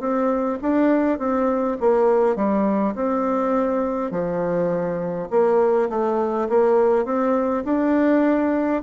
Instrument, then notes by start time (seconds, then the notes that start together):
bassoon
0.00 C4
0.62 D4
1.18 C4
1.80 A#3
2.36 G3
2.95 C4
4.11 F3
5.30 A#3
5.89 A3
6.49 A#3
7.05 C4
7.65 D4